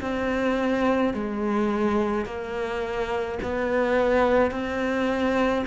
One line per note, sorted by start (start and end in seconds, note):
0.00 1.13 C4
1.13 2.25 G#3
2.25 3.39 A#3
3.42 4.51 B3
4.51 5.64 C4